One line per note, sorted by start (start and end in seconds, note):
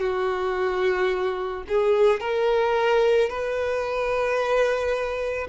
0.00 1.64 F#4
1.69 2.21 G#4
2.21 3.30 A#4
3.30 5.48 B4